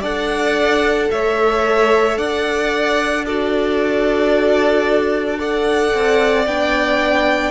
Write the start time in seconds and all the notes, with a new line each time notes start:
0.00 D4 A4 D5 F#5
1.10 A3 C#5 E5
2.17 D4 D5 F#5
3.25 F#4 A4 D5
5.38 A4 D5 F#5
5.94 C4
6.47 B3 D4 G5